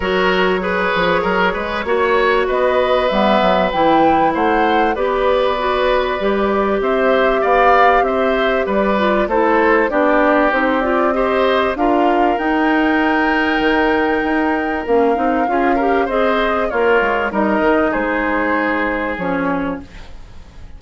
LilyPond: <<
  \new Staff \with { instrumentName = "flute" } { \time 4/4 \tempo 4 = 97 cis''1 | dis''4 e''4 g''4 fis''4 | d''2. e''4 | f''4 e''4 d''4 c''4 |
d''4 c''8 d''8 dis''4 f''4 | g''1 | f''2 dis''4 cis''4 | dis''4 c''2 cis''4 | }
  \new Staff \with { instrumentName = "oboe" } { \time 4/4 ais'4 b'4 ais'8 b'8 cis''4 | b'2. c''4 | b'2. c''4 | d''4 c''4 b'4 a'4 |
g'2 c''4 ais'4~ | ais'1~ | ais'4 gis'8 ais'8 c''4 f'4 | ais'4 gis'2. | }
  \new Staff \with { instrumentName = "clarinet" } { \time 4/4 fis'4 gis'2 fis'4~ | fis'4 b4 e'2 | g'4 fis'4 g'2~ | g'2~ g'8 f'8 e'4 |
d'4 dis'8 f'8 g'4 f'4 | dis'1 | cis'8 dis'8 f'8 g'8 gis'4 ais'4 | dis'2. cis'4 | }
  \new Staff \with { instrumentName = "bassoon" } { \time 4/4 fis4. f8 fis8 gis8 ais4 | b4 g8 fis8 e4 a4 | b2 g4 c'4 | b4 c'4 g4 a4 |
b4 c'2 d'4 | dis'2 dis4 dis'4 | ais8 c'8 cis'4 c'4 ais8 gis8 | g8 dis8 gis2 f4 | }
>>